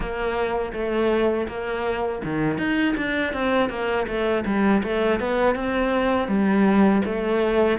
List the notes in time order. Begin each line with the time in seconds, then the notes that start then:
0.00 A#3
0.73 A3
1.48 A#3
2.24 D#3
2.57 D#4
2.96 D4
3.33 C4
3.69 A#3
4.07 A3
4.45 G3
4.83 A3
5.20 B3
5.55 C4
6.28 G3
7.05 A3